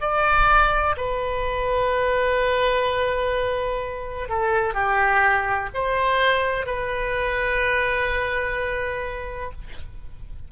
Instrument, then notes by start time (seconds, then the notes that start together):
oboe
0.00 D5
0.97 B4
4.29 A4
4.74 G4
5.74 C5
6.66 B4